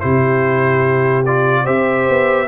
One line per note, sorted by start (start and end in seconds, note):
0.00 1.67 C3
0.00 1.24 E4
0.00 1.64 G4
0.00 1.23 C5
1.26 1.66 F4
1.26 1.66 D5
1.64 2.08 C4
1.64 2.48 G4
1.64 2.46 C5
1.64 2.48 E5
2.09 2.48 B3